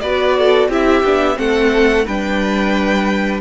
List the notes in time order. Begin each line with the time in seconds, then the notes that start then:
0.00 B3 F#4 B4 D5
0.38 A4
0.68 C4 E4 G4 E5
1.04 B3 D4
1.35 A3 C4 A4 F#5
2.05 G3 D4 B4 G5